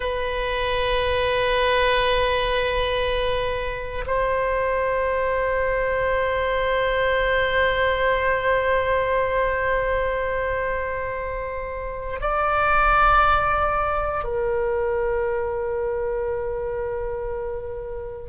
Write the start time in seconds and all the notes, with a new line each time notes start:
0.00 B4
4.06 C5
12.20 D5
14.24 A#4